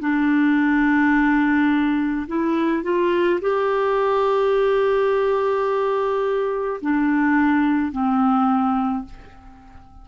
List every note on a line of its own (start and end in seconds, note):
0.00 2.26 D4
2.27 2.83 E4
2.83 3.40 F4
3.41 6.80 G4
6.81 7.91 D4
7.91 9.05 C4